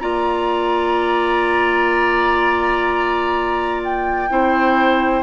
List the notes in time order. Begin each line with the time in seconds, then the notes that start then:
0.00 A#3 F4 D5 A#5
3.84 G5
4.29 C4 E4 C5